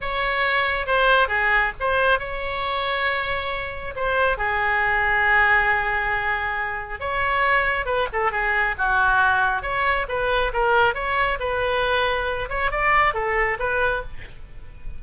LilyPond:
\new Staff \with { instrumentName = "oboe" } { \time 4/4 \tempo 4 = 137 cis''2 c''4 gis'4 | c''4 cis''2.~ | cis''4 c''4 gis'2~ | gis'1 |
cis''2 b'8 a'8 gis'4 | fis'2 cis''4 b'4 | ais'4 cis''4 b'2~ | b'8 cis''8 d''4 a'4 b'4 | }